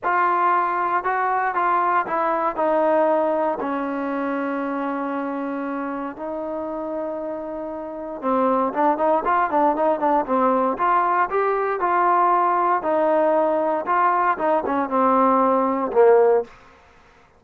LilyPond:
\new Staff \with { instrumentName = "trombone" } { \time 4/4 \tempo 4 = 117 f'2 fis'4 f'4 | e'4 dis'2 cis'4~ | cis'1 | dis'1 |
c'4 d'8 dis'8 f'8 d'8 dis'8 d'8 | c'4 f'4 g'4 f'4~ | f'4 dis'2 f'4 | dis'8 cis'8 c'2 ais4 | }